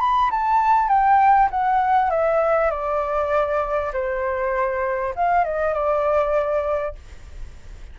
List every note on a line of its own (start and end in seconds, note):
0.00 0.30 B5
0.31 0.88 A5
0.88 1.49 G5
1.51 2.10 F#5
2.10 2.71 E5
2.71 3.92 D5
3.93 5.15 C5
5.15 5.44 F5
5.44 5.74 D#5
5.74 6.95 D5